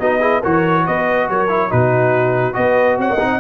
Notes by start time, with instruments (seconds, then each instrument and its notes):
0.00 tuba B3, trombone D#4, horn F#4, trumpet D#5
0.20 trombone E4, horn G#4
0.41 tuba E3, trombone F#4, horn A#4, trumpet C#5
0.87 tuba B3, horn B4, trumpet D#5
1.30 tuba F#3, horn A#4, trumpet C#5
1.49 trombone E4
1.70 tuba B2, trombone D#4, horn F#4, trumpet B4
2.53 tuba B3, trombone F#4, horn B4, trumpet D#5
2.98 tuba C4, horn C#5, trumpet F#5
3.10 tuba A#3, horn D#5
3.19 tuba C4, trombone D#4